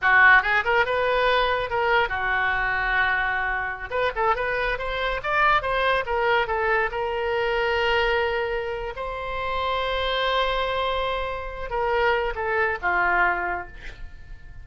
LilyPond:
\new Staff \with { instrumentName = "oboe" } { \time 4/4 \tempo 4 = 141 fis'4 gis'8 ais'8 b'2 | ais'4 fis'2.~ | fis'4~ fis'16 b'8 a'8 b'4 c''8.~ | c''16 d''4 c''4 ais'4 a'8.~ |
a'16 ais'2.~ ais'8.~ | ais'4 c''2.~ | c''2.~ c''8 ais'8~ | ais'4 a'4 f'2 | }